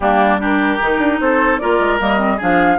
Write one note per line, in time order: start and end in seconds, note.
0.00 0.78 G3
0.00 0.38 A#3
0.00 0.40 D4
0.00 0.39 G4
0.38 0.78 D4
0.38 1.20 G4
0.38 1.21 A#4
0.81 0.98 D#3
0.81 1.60 D#4
0.98 1.18 D4
1.20 1.60 C4
1.20 1.60 A4
1.20 1.59 C5
1.59 1.79 A#3
1.59 1.99 F4
1.59 2.36 A#4
1.59 1.99 D5
1.79 1.99 G#3
1.99 2.39 G3
1.99 2.18 A#3
1.99 2.40 D#5
2.18 2.38 C4
2.36 2.78 F3
2.36 2.78 D4
2.36 2.76 G#4
2.36 2.78 F5